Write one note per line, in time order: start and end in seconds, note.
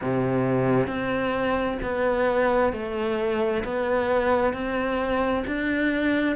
0.01 0.87 C3
0.87 1.78 C4
1.82 2.72 B3
2.72 3.63 A3
3.64 4.53 B3
4.53 5.44 C4
5.46 6.36 D4